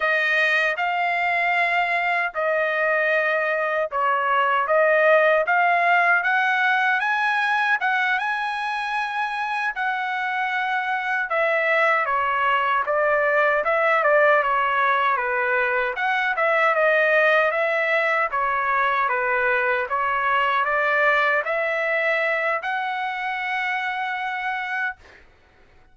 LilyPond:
\new Staff \with { instrumentName = "trumpet" } { \time 4/4 \tempo 4 = 77 dis''4 f''2 dis''4~ | dis''4 cis''4 dis''4 f''4 | fis''4 gis''4 fis''8 gis''4.~ | gis''8 fis''2 e''4 cis''8~ |
cis''8 d''4 e''8 d''8 cis''4 b'8~ | b'8 fis''8 e''8 dis''4 e''4 cis''8~ | cis''8 b'4 cis''4 d''4 e''8~ | e''4 fis''2. | }